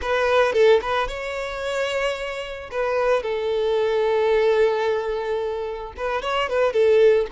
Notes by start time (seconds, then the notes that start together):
0.01 B4
0.53 A4
0.81 B4
1.08 C#5
2.71 B4
3.23 A4
5.96 B4
6.22 C#5
6.49 B4
6.72 A4